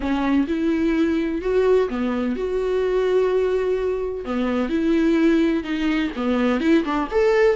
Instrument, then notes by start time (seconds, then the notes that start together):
viola
0.00 C#4
0.47 E4
1.41 F#4
1.89 B3
2.36 F#4
4.24 B3
4.69 E4
5.63 D#4
6.16 B3
6.60 E4
6.84 D4
7.11 A4